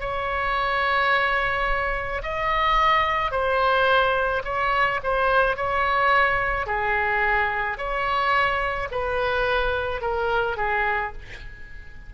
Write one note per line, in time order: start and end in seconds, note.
0.00 2.22 C#5
2.23 3.31 D#5
3.31 4.42 C5
4.44 5.00 C#5
5.04 5.57 C5
5.57 6.67 C#5
6.67 7.78 G#4
7.78 8.89 C#5
8.91 10.01 B4
10.01 10.57 A#4
10.57 11.13 G#4